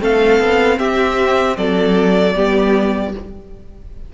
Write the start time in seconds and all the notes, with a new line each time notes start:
0.00 A3 C4 A4 F5
0.40 B3
0.79 C4 G4 E5
1.57 F#3 A4 D5
2.35 G3 B3 G4